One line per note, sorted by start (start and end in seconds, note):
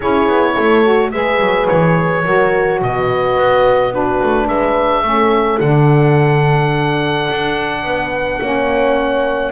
0.00 0.27 C#4
0.00 0.84 E4
0.00 0.53 G#4
0.00 1.11 C#5
0.27 0.55 B3
0.55 1.12 A3
0.55 1.11 A4
0.84 1.12 F#4
1.11 1.40 G#3
1.11 2.23 G#4
1.11 2.24 B4
1.11 1.67 E5
1.40 1.68 F#3
1.68 2.25 E3
1.68 2.80 C#5
2.23 2.81 F#3
2.23 3.91 F#4
2.23 2.80 A#4
2.81 3.36 B2
2.81 3.93 B4
2.81 3.94 D#5
3.36 4.21 B3
3.91 5.03 D4
3.91 4.45 F#4
3.91 4.48 B4
4.22 4.47 A3
4.45 5.02 G#3
4.45 5.01 B4
4.45 5.60 E5
5.02 5.58 A3
5.02 5.59 C#4
5.02 7.83 A4
5.60 7.28 D3
5.60 8.41 D4
5.60 9.51 F#5
7.30 7.83 D4
7.83 8.39 B3
7.83 8.41 B4
8.41 9.51 A#3
8.41 9.51 C#4
8.41 9.51 C#5